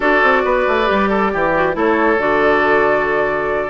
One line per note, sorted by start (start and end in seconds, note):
0.00 0.21 D4
0.00 0.84 F#4
0.00 0.43 A4
0.00 1.76 D5
0.23 0.44 C4
0.44 0.66 B3
0.44 1.09 B4
0.67 0.89 A3
0.84 1.34 G3
0.84 1.50 G4
1.09 1.31 A4
1.32 1.75 E3
1.32 1.76 G4
1.55 1.73 F#4
1.73 2.17 A3
1.73 2.17 E4
1.73 3.69 A4
1.73 2.20 C#5
2.17 3.69 D3
2.17 3.69 F#4
2.17 3.69 D5